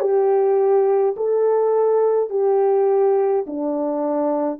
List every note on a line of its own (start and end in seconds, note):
0.00 1.15 G4
1.17 2.30 A4
2.30 3.46 G4
3.47 4.60 D4